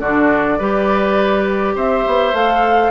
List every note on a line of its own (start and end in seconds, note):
0.00 0.58 D3
0.00 0.60 D4
0.00 0.58 F#4
0.00 1.75 D5
0.58 1.76 G3
0.58 2.34 G4
0.58 1.75 B4
1.75 2.05 C4
1.75 2.91 C5
1.75 2.35 E5
2.07 2.33 B3
2.33 2.91 A3
2.33 2.91 A4
2.33 2.91 F5